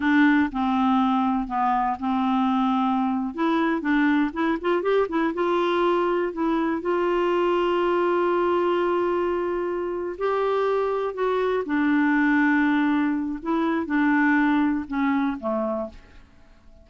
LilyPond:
\new Staff \with { instrumentName = "clarinet" } { \time 4/4 \tempo 4 = 121 d'4 c'2 b4 | c'2~ c'8. e'4 d'16~ | d'8. e'8 f'8 g'8 e'8 f'4~ f'16~ | f'8. e'4 f'2~ f'16~ |
f'1~ | f'8 g'2 fis'4 d'8~ | d'2. e'4 | d'2 cis'4 a4 | }